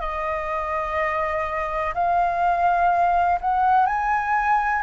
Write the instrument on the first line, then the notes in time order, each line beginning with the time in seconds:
flute
0.00 D#5
1.94 F5
3.41 F#5
3.86 G#5